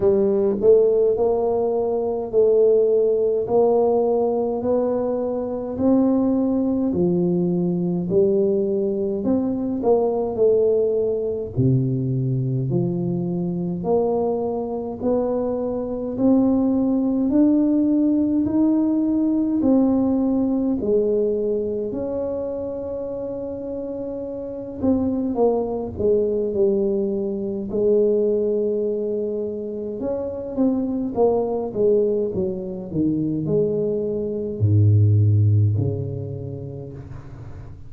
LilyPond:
\new Staff \with { instrumentName = "tuba" } { \time 4/4 \tempo 4 = 52 g8 a8 ais4 a4 ais4 | b4 c'4 f4 g4 | c'8 ais8 a4 c4 f4 | ais4 b4 c'4 d'4 |
dis'4 c'4 gis4 cis'4~ | cis'4. c'8 ais8 gis8 g4 | gis2 cis'8 c'8 ais8 gis8 | fis8 dis8 gis4 gis,4 cis4 | }